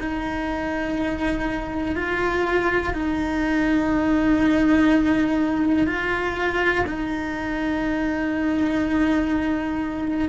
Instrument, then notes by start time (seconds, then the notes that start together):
cello
0.00 D#4
1.96 F4
2.94 D#4
5.87 F4
6.87 D#4